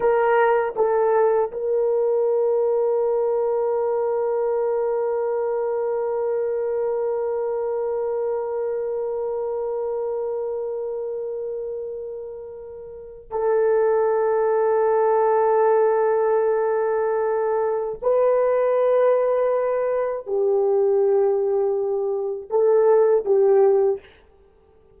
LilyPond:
\new Staff \with { instrumentName = "horn" } { \time 4/4 \tempo 4 = 80 ais'4 a'4 ais'2~ | ais'1~ | ais'1~ | ais'1~ |
ais'4.~ ais'16 a'2~ a'16~ | a'1 | b'2. g'4~ | g'2 a'4 g'4 | }